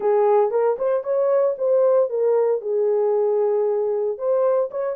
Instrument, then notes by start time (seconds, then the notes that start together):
horn
0.00 G#4
0.51 A#4
0.78 C5
1.03 C#5
1.58 C5
2.09 A#4
2.61 G#4
4.17 C5
4.70 C#5